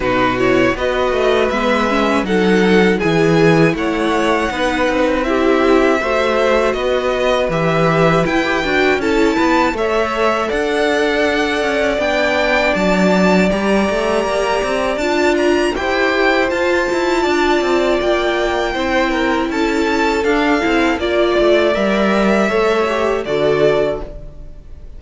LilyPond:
<<
  \new Staff \with { instrumentName = "violin" } { \time 4/4 \tempo 4 = 80 b'8 cis''8 dis''4 e''4 fis''4 | gis''4 fis''2 e''4~ | e''4 dis''4 e''4 g''4 | a''4 e''4 fis''2 |
g''4 a''4 ais''2 | a''8 ais''8 g''4 a''2 | g''2 a''4 f''4 | d''4 e''2 d''4 | }
  \new Staff \with { instrumentName = "violin" } { \time 4/4 fis'4 b'2 a'4 | gis'4 cis''4 b'4 g'4 | c''4 b'2. | a'8 b'8 cis''4 d''2~ |
d''1~ | d''4 c''2 d''4~ | d''4 c''8 ais'8 a'2 | d''2 cis''4 a'4 | }
  \new Staff \with { instrumentName = "viola" } { \time 4/4 dis'8 e'8 fis'4 b8 cis'8 dis'4 | e'2 dis'4 e'4 | fis'2 g'4 e'16 g'16 fis'8 | e'4 a'2. |
d'2 g'2 | f'4 g'4 f'2~ | f'4 e'2 d'8 e'8 | f'4 ais'4 a'8 g'8 fis'4 | }
  \new Staff \with { instrumentName = "cello" } { \time 4/4 b,4 b8 a8 gis4 fis4 | e4 a4 b8 c'4. | a4 b4 e4 e'8 d'8 | cis'8 b8 a4 d'4. cis'8 |
b4 fis4 g8 a8 ais8 c'8 | d'4 e'4 f'8 e'8 d'8 c'8 | ais4 c'4 cis'4 d'8 c'8 | ais8 a8 g4 a4 d4 | }
>>